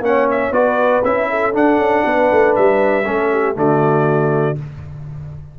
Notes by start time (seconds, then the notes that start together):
0.00 A#3 C#4 C#5 F#5
0.30 E5
0.51 B3 F#4 B4 D5
1.04 C#4 E4 E5
1.30 A4
1.52 D4 F#5
1.77 C#4
2.05 B3 B4
2.31 A3
2.55 G3 E5
3.05 A3 C#4 A4
3.32 G4
3.55 D3 A3 F#4 D5